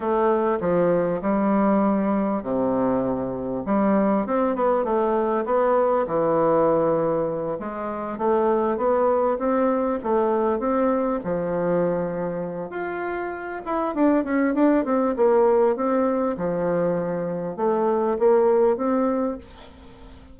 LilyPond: \new Staff \with { instrumentName = "bassoon" } { \time 4/4 \tempo 4 = 99 a4 f4 g2 | c2 g4 c'8 b8 | a4 b4 e2~ | e8 gis4 a4 b4 c'8~ |
c'8 a4 c'4 f4.~ | f4 f'4. e'8 d'8 cis'8 | d'8 c'8 ais4 c'4 f4~ | f4 a4 ais4 c'4 | }